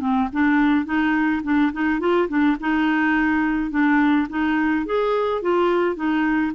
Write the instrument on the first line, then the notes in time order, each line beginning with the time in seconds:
clarinet
0.00 C4
0.32 D4
0.85 D#4
1.43 D4
1.72 D#4
2.00 F4
2.28 D4
2.60 D#4
3.70 D4
4.29 D#4
4.86 G#4
5.42 F4
5.95 D#4